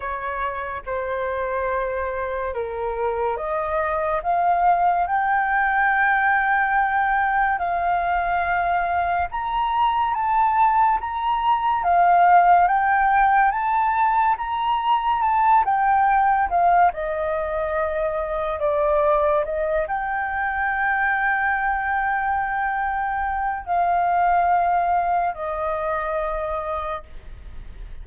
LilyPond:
\new Staff \with { instrumentName = "flute" } { \time 4/4 \tempo 4 = 71 cis''4 c''2 ais'4 | dis''4 f''4 g''2~ | g''4 f''2 ais''4 | a''4 ais''4 f''4 g''4 |
a''4 ais''4 a''8 g''4 f''8 | dis''2 d''4 dis''8 g''8~ | g''1 | f''2 dis''2 | }